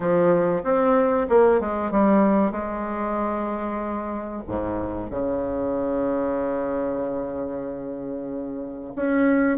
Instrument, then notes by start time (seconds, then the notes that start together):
bassoon
0.00 F3
0.63 C4
1.29 A#3
1.60 G#3
1.91 G3
2.51 G#3
4.47 G#2
5.10 C#3
8.95 C#4